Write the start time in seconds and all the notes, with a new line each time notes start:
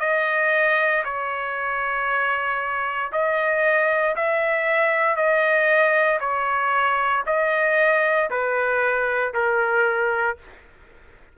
0.00 D#5
1.05 C#5
3.12 D#5
4.16 E5
5.16 D#5
6.20 C#5
7.26 D#5
8.30 B4
9.34 A#4